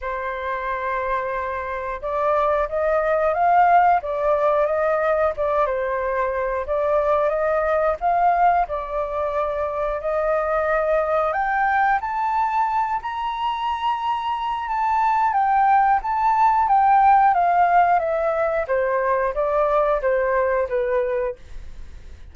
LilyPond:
\new Staff \with { instrumentName = "flute" } { \time 4/4 \tempo 4 = 90 c''2. d''4 | dis''4 f''4 d''4 dis''4 | d''8 c''4. d''4 dis''4 | f''4 d''2 dis''4~ |
dis''4 g''4 a''4. ais''8~ | ais''2 a''4 g''4 | a''4 g''4 f''4 e''4 | c''4 d''4 c''4 b'4 | }